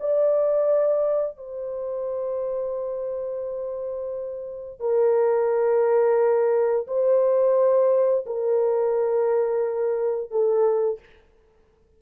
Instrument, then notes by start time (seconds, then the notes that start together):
horn
0.00 D5
1.37 C5
4.80 A#4
6.88 C5
8.26 A#4
10.31 A4